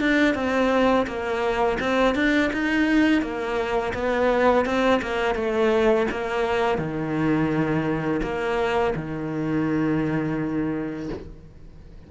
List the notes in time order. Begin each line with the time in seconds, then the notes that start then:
0.00 D4
0.34 C4
1.06 A#3
1.80 C4
2.15 D4
2.53 D#4
3.21 A#3
3.94 B3
4.65 C4
5.01 A#3
5.35 A3
6.11 A#3
6.78 D#3
8.22 A#3
8.95 D#3